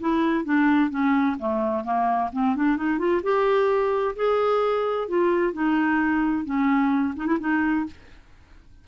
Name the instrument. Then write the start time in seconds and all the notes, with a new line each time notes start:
clarinet
0.00 E4
0.44 D4
0.90 C#4
1.39 A3
1.84 A#3
2.32 C4
2.55 D4
2.76 D#4
2.98 F4
3.22 G4
4.16 G#4
5.08 F4
5.53 D#4
6.45 C#4
7.16 D#4
7.26 E4
7.40 D#4